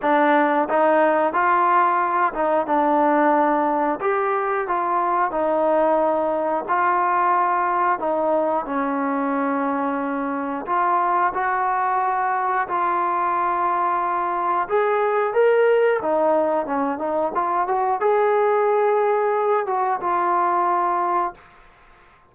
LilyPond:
\new Staff \with { instrumentName = "trombone" } { \time 4/4 \tempo 4 = 90 d'4 dis'4 f'4. dis'8 | d'2 g'4 f'4 | dis'2 f'2 | dis'4 cis'2. |
f'4 fis'2 f'4~ | f'2 gis'4 ais'4 | dis'4 cis'8 dis'8 f'8 fis'8 gis'4~ | gis'4. fis'8 f'2 | }